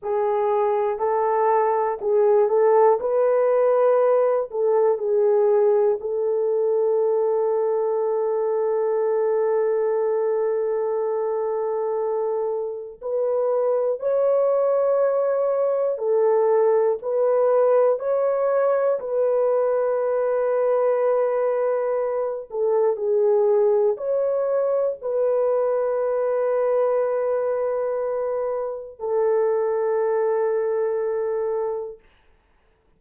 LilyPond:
\new Staff \with { instrumentName = "horn" } { \time 4/4 \tempo 4 = 60 gis'4 a'4 gis'8 a'8 b'4~ | b'8 a'8 gis'4 a'2~ | a'1~ | a'4 b'4 cis''2 |
a'4 b'4 cis''4 b'4~ | b'2~ b'8 a'8 gis'4 | cis''4 b'2.~ | b'4 a'2. | }